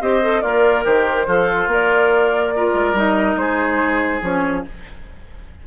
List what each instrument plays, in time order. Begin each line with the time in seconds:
0.00 bassoon C4, clarinet G4, oboe C5, flute D#5
0.22 clarinet A4
0.41 bassoon A#3, oboe F4, clarinet A#4, flute D5
0.84 bassoon D#3, oboe G4, flute C5
1.27 bassoon F3, oboe F4, clarinet A4
1.67 bassoon A#3, clarinet A#4, flute D5
2.56 clarinet F4, oboe A#4
2.73 bassoon G#3
2.93 bassoon G3, clarinet D#4, flute D#5
3.36 bassoon G#3, oboe G#4, flute C5
4.22 bassoon F3, clarinet C#4, flute C#5